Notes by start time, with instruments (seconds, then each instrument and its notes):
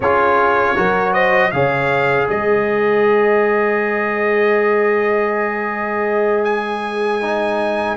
0.00 tuba C#4, trombone F4, horn G#4, trumpet C#5
0.76 tuba F#3, trombone F#4, horn A#4
1.13 horn C5, trumpet D#5
1.51 tuba C#3, trombone G#4, horn C#5, trumpet F5
2.27 tuba G#3, horn C5, trumpet D#5
6.44 trumpet G#5
7.21 trombone D#4